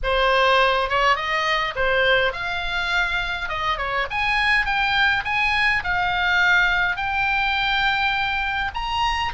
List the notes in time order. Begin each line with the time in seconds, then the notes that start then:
0.03 C5
0.89 C#5
1.15 D#5
1.75 C5
2.32 F5
3.48 D#5
3.77 C#5
4.10 G#5
4.65 G5
5.24 G#5
5.83 F5
6.96 G5
8.74 A#5